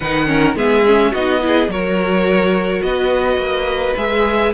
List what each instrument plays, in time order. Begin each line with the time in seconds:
0.00 cello D#3, viola D#4, violin B4 F#5
0.26 viola C#4, violin A#4
0.55 cello G#3, viola B3, violin G#4 E5
0.86 viola C#4
1.11 cello B3, viola D#4, violin F#4 D#5
1.41 viola E4, violin G#4
1.68 cello F#3, viola F#4, violin A#4 C#5
2.82 cello B3, violin B4 D#5
3.37 cello A#3
3.96 cello G#3, viola G#4, violin E5